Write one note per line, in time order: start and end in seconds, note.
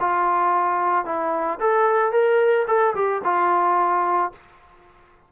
0.00 1.05 F4
1.05 1.59 E4
1.60 2.12 A4
2.12 2.66 A#4
2.68 2.95 A4
2.95 3.22 G4
3.24 4.32 F4